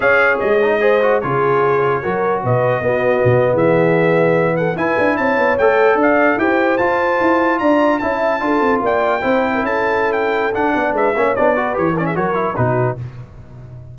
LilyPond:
<<
  \new Staff \with { instrumentName = "trumpet" } { \time 4/4 \tempo 4 = 148 f''4 dis''2 cis''4~ | cis''2 dis''2~ | dis''8. e''2~ e''8 fis''8 gis''16~ | gis''8. a''4 g''4 f''4 g''16~ |
g''8. a''2 ais''4 a''16~ | a''4.~ a''16 g''2 a''16~ | a''4 g''4 fis''4 e''4 | d''4 cis''8 d''16 e''16 cis''4 b'4 | }
  \new Staff \with { instrumentName = "horn" } { \time 4/4 cis''2 c''4 gis'4~ | gis'4 ais'4 b'4 fis'4~ | fis'8. gis'2~ gis'8 a'8 b'16~ | b'8. cis''2 d''4 c''16~ |
c''2~ c''8. d''4 e''16~ | e''8. a'4 d''4 c''8. ais'16 a'16~ | a'2~ a'8 d''8 b'8 cis''8~ | cis''8 b'4 ais'16 gis'16 ais'4 fis'4 | }
  \new Staff \with { instrumentName = "trombone" } { \time 4/4 gis'4. dis'8 gis'8 fis'8 f'4~ | f'4 fis'2 b4~ | b2.~ b8. e'16~ | e'4.~ e'16 a'2 g'16~ |
g'8. f'2. e'16~ | e'8. f'2 e'4~ e'16~ | e'2 d'4. cis'8 | d'8 fis'8 g'8 cis'8 fis'8 e'8 dis'4 | }
  \new Staff \with { instrumentName = "tuba" } { \time 4/4 cis'4 gis2 cis4~ | cis4 fis4 b,4 b4 | b,8. e2. e'16~ | e'16 d'8 c'8 b8 a4 d'4 e'16~ |
e'8. f'4 e'4 d'4 cis'16~ | cis'8. d'8 c'8 ais4 c'4 cis'16~ | cis'2 d'8 b8 gis8 ais8 | b4 e4 fis4 b,4 | }
>>